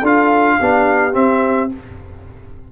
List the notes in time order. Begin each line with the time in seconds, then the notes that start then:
0.00 D4 F4 A4 F5
0.59 B3 D4 G4
1.13 C4 E5